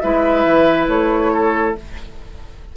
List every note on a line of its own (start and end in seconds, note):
0.00 0.44 G#3
0.00 1.76 E4
0.00 1.33 B4
0.00 0.87 E5
0.44 0.88 E3
0.87 1.75 A3
0.87 1.74 C#5
1.33 1.76 A4